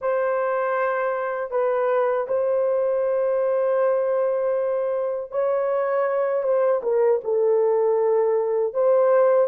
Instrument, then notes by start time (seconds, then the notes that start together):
horn
0.01 C5
1.50 B4
2.28 C5
5.31 C#5
6.43 C5
6.82 A#4
7.24 A4
8.73 C5